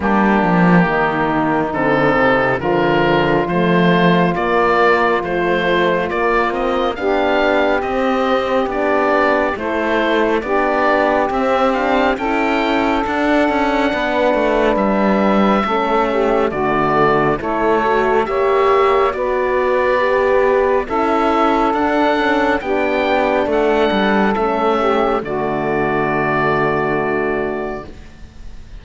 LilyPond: <<
  \new Staff \with { instrumentName = "oboe" } { \time 4/4 \tempo 4 = 69 g'2 a'4 ais'4 | c''4 d''4 c''4 d''8 dis''8 | f''4 dis''4 d''4 c''4 | d''4 e''8 f''8 g''4 fis''4~ |
fis''4 e''2 d''4 | cis''4 e''4 d''2 | e''4 fis''4 g''4 fis''4 | e''4 d''2. | }
  \new Staff \with { instrumentName = "saxophone" } { \time 4/4 d'4 dis'2 f'4~ | f'1 | g'2. a'4 | g'2 a'2 |
b'2 a'8 g'8 fis'4 | a'4 cis''4 b'2 | a'2 g'4 a'4~ | a'8 g'8 fis'2. | }
  \new Staff \with { instrumentName = "horn" } { \time 4/4 ais2 c'4 f4 | a4 ais4 f4 ais8 c'8 | d'4 c'4 d'4 e'4 | d'4 c'8 d'8 e'4 d'4~ |
d'2 cis'4 a4 | e'8 fis'8 g'4 fis'4 g'4 | e'4 d'8 cis'8 d'2 | cis'4 a2. | }
  \new Staff \with { instrumentName = "cello" } { \time 4/4 g8 f8 dis4 d8 c8 d4 | f4 ais4 a4 ais4 | b4 c'4 b4 a4 | b4 c'4 cis'4 d'8 cis'8 |
b8 a8 g4 a4 d4 | a4 ais4 b2 | cis'4 d'4 b4 a8 g8 | a4 d2. | }
>>